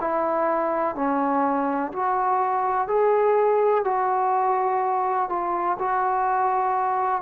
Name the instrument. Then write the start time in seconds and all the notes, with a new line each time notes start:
trombone
0.00 E4
0.95 C#4
1.92 F#4
2.87 G#4
3.84 F#4
5.29 F4
5.78 F#4